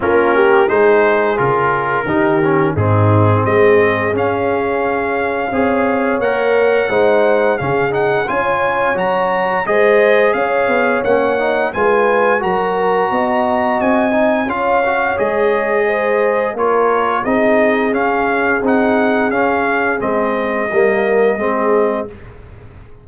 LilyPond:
<<
  \new Staff \with { instrumentName = "trumpet" } { \time 4/4 \tempo 4 = 87 ais'4 c''4 ais'2 | gis'4 dis''4 f''2~ | f''4 fis''2 f''8 fis''8 | gis''4 ais''4 dis''4 f''4 |
fis''4 gis''4 ais''2 | gis''4 f''4 dis''2 | cis''4 dis''4 f''4 fis''4 | f''4 dis''2. | }
  \new Staff \with { instrumentName = "horn" } { \time 4/4 f'8 g'8 gis'2 g'4 | dis'4 gis'2. | cis''2 c''4 gis'4 | cis''2 c''4 cis''4~ |
cis''4 b'4 ais'4 dis''4~ | dis''4 cis''2 c''4 | ais'4 gis'2.~ | gis'2 ais'4 gis'4 | }
  \new Staff \with { instrumentName = "trombone" } { \time 4/4 cis'4 dis'4 f'4 dis'8 cis'8 | c'2 cis'2 | gis'4 ais'4 dis'4 cis'8 dis'8 | f'4 fis'4 gis'2 |
cis'8 dis'8 f'4 fis'2~ | fis'8 dis'8 f'8 fis'8 gis'2 | f'4 dis'4 cis'4 dis'4 | cis'4 c'4 ais4 c'4 | }
  \new Staff \with { instrumentName = "tuba" } { \time 4/4 ais4 gis4 cis4 dis4 | gis,4 gis4 cis'2 | c'4 ais4 gis4 cis4 | cis'4 fis4 gis4 cis'8 b8 |
ais4 gis4 fis4 b4 | c'4 cis'4 gis2 | ais4 c'4 cis'4 c'4 | cis'4 gis4 g4 gis4 | }
>>